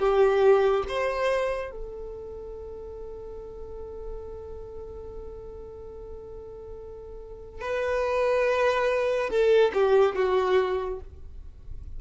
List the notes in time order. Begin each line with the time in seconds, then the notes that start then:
0.00 G4
0.89 C5
1.72 A4
7.61 B4
9.30 A4
9.74 G4
10.16 F#4